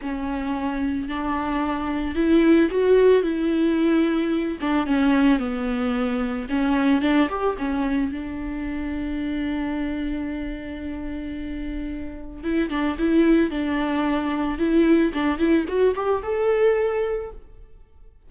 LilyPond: \new Staff \with { instrumentName = "viola" } { \time 4/4 \tempo 4 = 111 cis'2 d'2 | e'4 fis'4 e'2~ | e'8 d'8 cis'4 b2 | cis'4 d'8 g'8 cis'4 d'4~ |
d'1~ | d'2. e'8 d'8 | e'4 d'2 e'4 | d'8 e'8 fis'8 g'8 a'2 | }